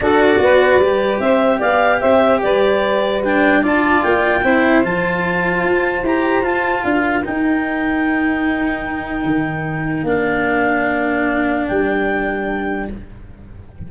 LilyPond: <<
  \new Staff \with { instrumentName = "clarinet" } { \time 4/4 \tempo 4 = 149 d''2. e''4 | f''4 e''4 d''2 | g''4 a''4 g''2 | a''2. ais''4 |
a''4 f''4 g''2~ | g''1~ | g''4 f''2.~ | f''4 g''2. | }
  \new Staff \with { instrumentName = "saxophone" } { \time 4/4 a'4 b'2 c''4 | d''4 c''4 b'2~ | b'4 d''2 c''4~ | c''1~ |
c''4 ais'2.~ | ais'1~ | ais'1~ | ais'1 | }
  \new Staff \with { instrumentName = "cello" } { \time 4/4 fis'2 g'2~ | g'1 | d'4 f'2 e'4 | f'2. g'4 |
f'2 dis'2~ | dis'1~ | dis'4 d'2.~ | d'1 | }
  \new Staff \with { instrumentName = "tuba" } { \time 4/4 d'4 b4 g4 c'4 | b4 c'4 g2~ | g4 d'4 ais4 c'4 | f2 f'4 e'4 |
f'4 d'4 dis'2~ | dis'2. dis4~ | dis4 ais2.~ | ais4 g2. | }
>>